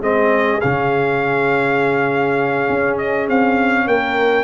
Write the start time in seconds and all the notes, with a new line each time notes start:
0.00 G#3 C4 G#4 D#5
0.61 C#3 C#4 F5
2.70 C#4
2.98 D#5
3.29 C4 F5
3.87 A#3 A#4 G5